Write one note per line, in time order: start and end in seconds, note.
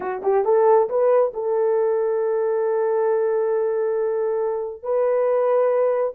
0.00 0.21 F#4
0.22 0.44 G4
0.44 0.88 A4
0.89 1.33 B4
1.33 4.82 A4
4.82 6.14 B4